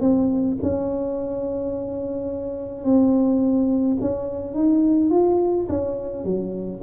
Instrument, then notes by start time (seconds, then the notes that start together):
tuba
0.00 C4
0.62 C#4
2.84 C4
4.00 C#4
4.54 D#4
5.10 F4
5.69 C#4
6.24 F#3